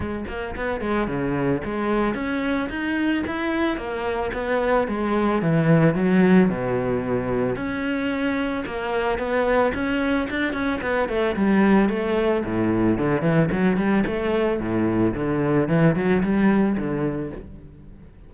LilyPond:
\new Staff \with { instrumentName = "cello" } { \time 4/4 \tempo 4 = 111 gis8 ais8 b8 gis8 cis4 gis4 | cis'4 dis'4 e'4 ais4 | b4 gis4 e4 fis4 | b,2 cis'2 |
ais4 b4 cis'4 d'8 cis'8 | b8 a8 g4 a4 a,4 | d8 e8 fis8 g8 a4 a,4 | d4 e8 fis8 g4 d4 | }